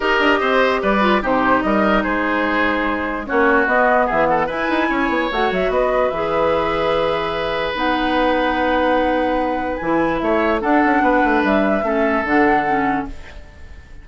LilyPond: <<
  \new Staff \with { instrumentName = "flute" } { \time 4/4 \tempo 4 = 147 dis''2 d''4 c''4 | dis''4 c''2. | cis''4 dis''4 e''8 fis''8 gis''4~ | gis''4 fis''8 e''8 dis''4 e''4~ |
e''2. fis''4~ | fis''1 | gis''4 e''4 fis''2 | e''2 fis''2 | }
  \new Staff \with { instrumentName = "oboe" } { \time 4/4 ais'4 c''4 b'4 g'4 | ais'4 gis'2. | fis'2 gis'8 a'8 b'4 | cis''2 b'2~ |
b'1~ | b'1~ | b'4 cis''4 a'4 b'4~ | b'4 a'2. | }
  \new Staff \with { instrumentName = "clarinet" } { \time 4/4 g'2~ g'8 f'8 dis'4~ | dis'1 | cis'4 b2 e'4~ | e'4 fis'2 gis'4~ |
gis'2. dis'4~ | dis'1 | e'2 d'2~ | d'4 cis'4 d'4 cis'4 | }
  \new Staff \with { instrumentName = "bassoon" } { \time 4/4 dis'8 d'8 c'4 g4 c4 | g4 gis2. | ais4 b4 e4 e'8 dis'8 | cis'8 b8 a8 fis8 b4 e4~ |
e2. b4~ | b1 | e4 a4 d'8 cis'8 b8 a8 | g4 a4 d2 | }
>>